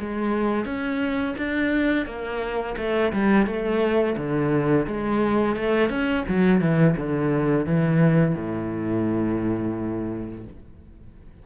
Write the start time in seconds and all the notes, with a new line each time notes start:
0.00 G#3
0.65 C#4
1.38 D4
2.06 A#3
2.78 A3
3.13 G3
3.47 A3
4.17 D3
4.87 G#3
5.57 A3
5.90 C#4
6.29 F#3
6.61 E3
6.97 D3
7.66 E3
8.35 A2